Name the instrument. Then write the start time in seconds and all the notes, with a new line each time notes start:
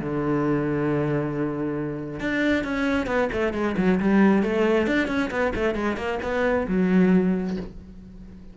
cello
0.00 D3
2.20 D4
2.64 C#4
3.07 B3
3.33 A3
3.54 G#3
3.77 F#3
4.00 G3
4.43 A3
4.87 D4
5.08 C#4
5.31 B3
5.55 A3
5.75 G#3
5.97 A#3
6.22 B3
6.68 F#3